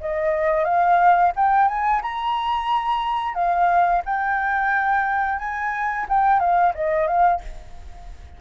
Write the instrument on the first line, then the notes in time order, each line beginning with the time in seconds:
flute
0.00 D#5
0.64 F5
1.36 G5
1.68 G#5
2.02 A#5
3.34 F5
4.05 G5
5.38 G#5
6.08 G5
6.39 F5
6.74 D#5
7.07 F5